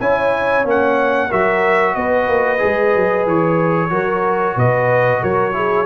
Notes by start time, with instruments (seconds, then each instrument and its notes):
0.00 tuba C#4, trombone E4, horn C#5, trumpet G#5
0.64 tuba A#3, trombone C#4, trumpet F#5
1.29 tuba F#3, trombone F#4, horn A#4, trumpet E5
1.94 tuba B3, horn B4, trumpet D#5
2.28 tuba A#3
2.58 tuba G#3, trombone G#4
2.95 tuba F#3
3.26 tuba E3, trumpet C#5
3.89 tuba F#3, trombone F#4, horn A#4
4.56 tuba B2, horn B4, trumpet D#5
5.22 tuba F#3, horn A#4, trumpet C#5
5.52 trombone E4, horn G#4